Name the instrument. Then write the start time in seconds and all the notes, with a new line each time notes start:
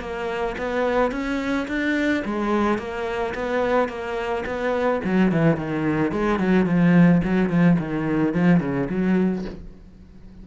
cello
0.00 A#3
0.57 B3
1.11 C#4
1.68 D4
2.25 G#3
2.78 A#3
3.34 B3
3.88 A#3
4.45 B3
5.04 F#3
5.32 E3
5.57 D#3
6.12 G#3
6.39 F#3
6.66 F3
7.23 F#3
7.49 F3
7.79 D#3
8.33 F3
8.60 C#3
8.89 F#3